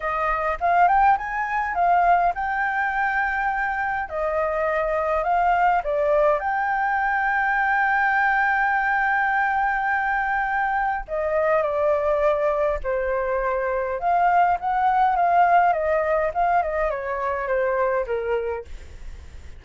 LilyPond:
\new Staff \with { instrumentName = "flute" } { \time 4/4 \tempo 4 = 103 dis''4 f''8 g''8 gis''4 f''4 | g''2. dis''4~ | dis''4 f''4 d''4 g''4~ | g''1~ |
g''2. dis''4 | d''2 c''2 | f''4 fis''4 f''4 dis''4 | f''8 dis''8 cis''4 c''4 ais'4 | }